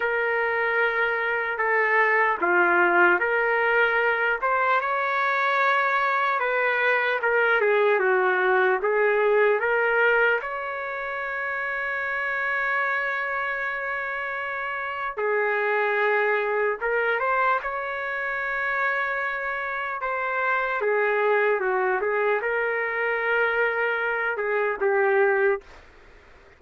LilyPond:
\new Staff \with { instrumentName = "trumpet" } { \time 4/4 \tempo 4 = 75 ais'2 a'4 f'4 | ais'4. c''8 cis''2 | b'4 ais'8 gis'8 fis'4 gis'4 | ais'4 cis''2.~ |
cis''2. gis'4~ | gis'4 ais'8 c''8 cis''2~ | cis''4 c''4 gis'4 fis'8 gis'8 | ais'2~ ais'8 gis'8 g'4 | }